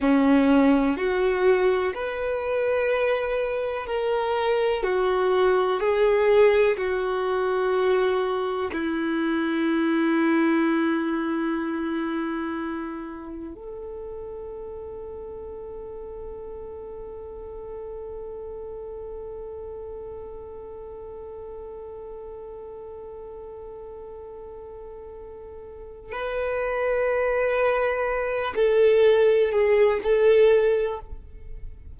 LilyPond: \new Staff \with { instrumentName = "violin" } { \time 4/4 \tempo 4 = 62 cis'4 fis'4 b'2 | ais'4 fis'4 gis'4 fis'4~ | fis'4 e'2.~ | e'2 a'2~ |
a'1~ | a'1~ | a'2. b'4~ | b'4. a'4 gis'8 a'4 | }